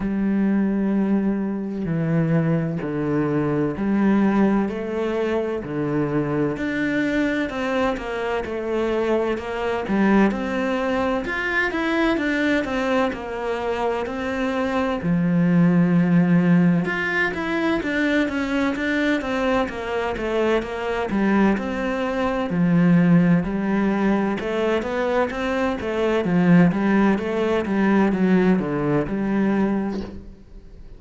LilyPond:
\new Staff \with { instrumentName = "cello" } { \time 4/4 \tempo 4 = 64 g2 e4 d4 | g4 a4 d4 d'4 | c'8 ais8 a4 ais8 g8 c'4 | f'8 e'8 d'8 c'8 ais4 c'4 |
f2 f'8 e'8 d'8 cis'8 | d'8 c'8 ais8 a8 ais8 g8 c'4 | f4 g4 a8 b8 c'8 a8 | f8 g8 a8 g8 fis8 d8 g4 | }